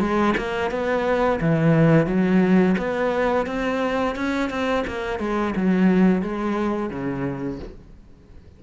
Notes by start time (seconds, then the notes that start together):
0.00 G#3
0.37 A#3
0.71 B3
1.41 E3
2.06 F#3
2.78 B3
3.46 C4
4.16 C#4
4.50 C4
4.87 A#3
5.19 G#3
5.56 F#3
6.22 G#3
6.90 C#3